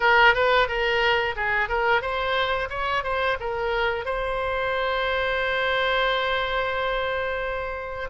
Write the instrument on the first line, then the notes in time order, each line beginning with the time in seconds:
oboe
0.00 A#4
0.34 B4
0.67 A#4
1.35 G#4
1.69 A#4
2.01 C5
2.69 C#5
3.03 C5
3.40 A#4
4.05 C5